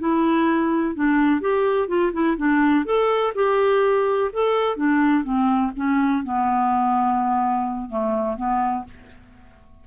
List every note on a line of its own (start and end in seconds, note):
0.00 0.96 E4
0.96 1.41 D4
1.41 1.88 G4
1.88 2.12 F4
2.13 2.37 E4
2.38 2.86 D4
2.86 3.34 A4
3.35 4.31 G4
4.33 4.77 A4
4.77 5.24 D4
5.24 5.72 C4
5.76 6.24 C#4
6.24 7.90 B3
7.90 8.37 A3
8.37 8.85 B3